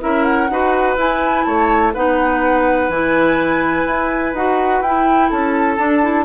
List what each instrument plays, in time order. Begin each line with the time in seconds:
0.00 bassoon C#4, clarinet E4, oboe A#4, flute E5
0.23 flute F#5
0.49 bassoon D#4, clarinet F#4, oboe B4
0.96 bassoon E4, clarinet E4, flute G#5
1.44 bassoon A3, oboe C#5, flute A5
1.93 bassoon B3, clarinet D#4, oboe B4, flute F#5
2.88 bassoon E3, clarinet E4, flute G#5
3.86 bassoon E4
4.33 bassoon D#4, clarinet F#4, flute F#5
4.81 bassoon E4, clarinet E4, flute G5
5.29 bassoon C#4, oboe A4, flute A5
5.77 bassoon D4, clarinet D4
6.02 clarinet E4